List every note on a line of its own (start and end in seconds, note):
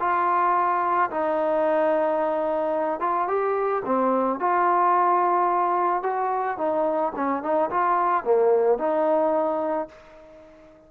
0.00 1.10 F4
1.10 3.00 D#4
3.00 3.28 F4
3.28 3.83 G4
3.85 4.39 C4
4.39 6.03 F4
6.03 6.58 F#4
6.58 7.13 D#4
7.16 7.43 C#4
7.43 7.70 D#4
7.70 8.24 F4
8.24 8.78 A#3
8.78 9.88 D#4